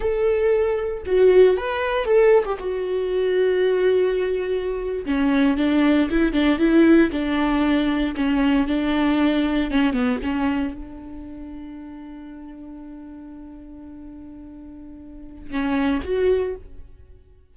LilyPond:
\new Staff \with { instrumentName = "viola" } { \time 4/4 \tempo 4 = 116 a'2 fis'4 b'4 | a'8. g'16 fis'2.~ | fis'4.~ fis'16 cis'4 d'4 e'16~ | e'16 d'8 e'4 d'2 cis'16~ |
cis'8. d'2 cis'8 b8 cis'16~ | cis'8. d'2.~ d'16~ | d'1~ | d'2 cis'4 fis'4 | }